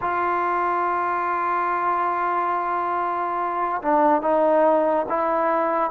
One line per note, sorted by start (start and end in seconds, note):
0.01 3.81 F4
3.82 4.21 D4
4.21 5.06 D#4
5.09 5.90 E4